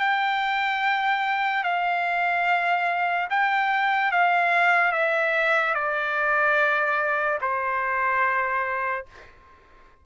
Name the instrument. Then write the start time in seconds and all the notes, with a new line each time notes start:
trumpet
0.00 G5
1.64 F5
3.30 G5
4.12 F5
4.92 E5
5.74 D5
7.41 C5